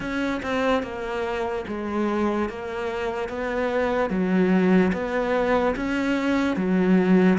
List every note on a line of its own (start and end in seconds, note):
0.00 0.41 C#4
0.42 0.82 C4
0.82 1.64 A#3
1.67 2.49 G#3
2.49 3.28 A#3
3.28 4.09 B3
4.09 4.92 F#3
4.92 5.75 B3
5.75 6.56 C#4
6.56 7.38 F#3